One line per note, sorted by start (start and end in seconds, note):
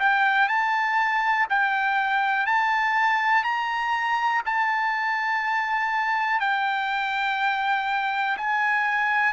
0.00 0.49 G5
0.49 1.47 A5
1.50 2.47 G5
2.47 3.44 A5
3.44 4.42 A#5
4.46 6.40 A5
6.40 8.37 G5
8.38 9.34 G#5